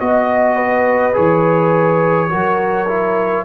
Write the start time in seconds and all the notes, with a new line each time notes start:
0.00 B3 F#4 D#5
0.56 B4
1.14 E3 G#4 C#5
2.30 F#3 F#4 A#4
2.89 E4